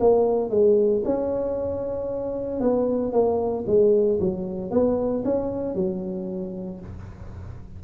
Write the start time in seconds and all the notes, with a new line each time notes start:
0.00 A#3
0.50 G#3
1.05 C#4
2.60 B3
3.12 A#3
3.67 G#3
4.20 F#3
4.71 B3
5.24 C#4
5.75 F#3